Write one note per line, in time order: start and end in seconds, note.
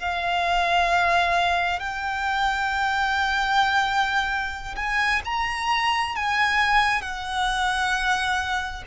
0.00 1.80 F5
1.80 4.75 G5
4.76 5.22 G#5
5.25 6.16 A#5
6.16 7.02 G#5
7.02 8.84 F#5